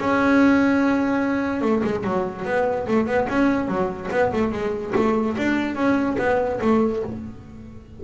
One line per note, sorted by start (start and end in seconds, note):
0.00 1.62 C#4
1.62 1.82 A3
1.84 2.04 G#3
2.04 2.45 F#3
2.45 2.86 B3
2.87 3.07 A3
3.07 3.27 B3
3.29 3.68 C#4
3.68 4.09 F#3
4.11 4.32 B3
4.33 4.52 A3
4.52 4.93 G#3
4.95 5.37 A3
5.38 5.75 D4
5.75 6.17 C#4
6.18 6.60 B3
6.62 7.03 A3